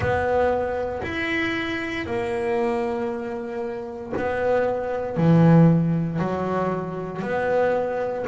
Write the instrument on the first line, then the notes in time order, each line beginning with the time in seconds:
double bass
0.00 B3
1.02 E4
2.05 A#3
4.17 B3
5.17 E3
6.19 F#3
7.22 B3